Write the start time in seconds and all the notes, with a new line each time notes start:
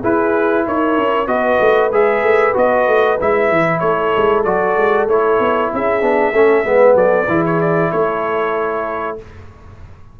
0.00 E4 G#4 B4
0.66 D#4 A#4 C#5
0.97 C#4
1.27 B3 F#4 B4 D#5
1.60 A3
1.91 G#3 G#4 E5
2.22 A3
2.53 B3 F#4 D#5
2.87 A3
3.19 G#3 E4 E5
3.50 E3
3.79 A3 A4 C#5
4.16 G#3
4.44 F#3 F#4 D5
4.76 G#3
5.08 A3 E4 C#5
5.39 B3
5.73 C#4 G#4 E5
6.01 B3 D4
6.32 A3 C#4 A4
6.63 G#3 B3 B4
6.94 F#3 A4 D5
7.27 E3 E4 G#4
7.45 C#5
7.60 D5
7.91 A3 A4 C#5